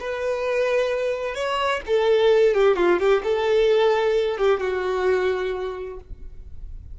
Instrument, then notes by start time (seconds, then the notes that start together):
violin
0.00 B4
1.35 C#5
1.87 A4
2.54 G4
2.77 F4
2.99 G4
3.24 A4
4.38 G4
4.61 F#4